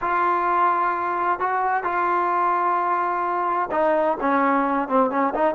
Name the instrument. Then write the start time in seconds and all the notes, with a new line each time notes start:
trombone
0.01 F4
1.39 F#4
1.83 F4
3.71 D#4
4.20 C#4
4.88 C4
5.10 C#4
5.34 D#4